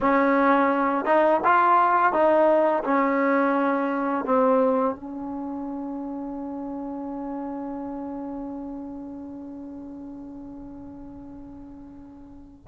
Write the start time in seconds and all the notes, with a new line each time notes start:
0.00 C#4
1.05 D#4
1.44 F4
2.12 D#4
2.84 C#4
4.24 C4
4.95 C#4